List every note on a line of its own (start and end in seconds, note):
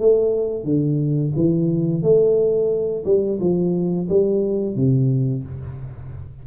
0.00 0.64 A3
0.64 1.32 D3
1.36 2.03 E3
2.03 3.05 A3
3.05 3.39 G3
3.40 4.08 F3
4.09 4.76 G3
4.76 5.44 C3